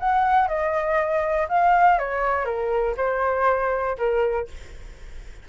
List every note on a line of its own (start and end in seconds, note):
0.00 0.48 F#5
0.48 1.48 D#5
1.49 1.99 F5
1.99 2.45 C#5
2.45 2.95 A#4
2.97 3.97 C5
3.98 4.48 A#4